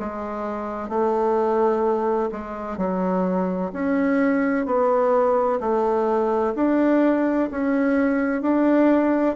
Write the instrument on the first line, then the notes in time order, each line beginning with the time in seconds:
bassoon
0.00 G#3
0.89 A3
2.32 G#3
2.78 F#3
3.73 C#4
4.66 B3
5.60 A3
6.56 D4
7.51 C#4
8.42 D4